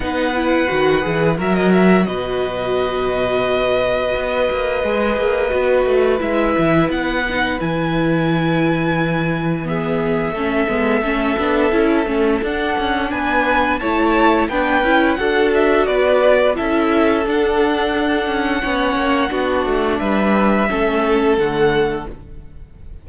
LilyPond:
<<
  \new Staff \with { instrumentName = "violin" } { \time 4/4 \tempo 4 = 87 fis''2 e''16 dis''16 e''8 dis''4~ | dis''1~ | dis''4 e''4 fis''4 gis''4~ | gis''2 e''2~ |
e''2 fis''4 gis''4 | a''4 g''4 fis''8 e''8 d''4 | e''4 fis''2.~ | fis''4 e''2 fis''4 | }
  \new Staff \with { instrumentName = "violin" } { \time 4/4 b'2 ais'4 b'4~ | b'1~ | b'1~ | b'2 gis'4 a'4~ |
a'2. b'4 | cis''4 b'4 a'4 b'4 | a'2. cis''4 | fis'4 b'4 a'2 | }
  \new Staff \with { instrumentName = "viola" } { \time 4/4 dis'8 e'8 fis'8 gis'8 fis'2~ | fis'2. gis'4 | fis'4 e'4. dis'8 e'4~ | e'2 b4 cis'8 b8 |
cis'8 d'8 e'8 cis'8 d'2 | e'4 d'8 e'8 fis'2 | e'4 d'2 cis'4 | d'2 cis'4 a4 | }
  \new Staff \with { instrumentName = "cello" } { \time 4/4 b4 dis8 e8 fis4 b,4~ | b,2 b8 ais8 gis8 ais8 | b8 a8 gis8 e8 b4 e4~ | e2. a8 gis8 |
a8 b8 cis'8 a8 d'8 cis'8 b4 | a4 b8 cis'8 d'4 b4 | cis'4 d'4. cis'8 b8 ais8 | b8 a8 g4 a4 d4 | }
>>